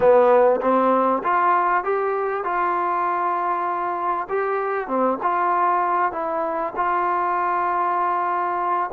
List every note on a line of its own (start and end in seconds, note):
0.00 0.60 B3
0.61 1.22 C4
1.23 1.84 F4
1.84 2.44 G4
2.44 4.27 F4
4.29 4.87 G4
4.87 5.18 C4
5.22 6.11 F4
6.11 6.73 E4
6.76 8.90 F4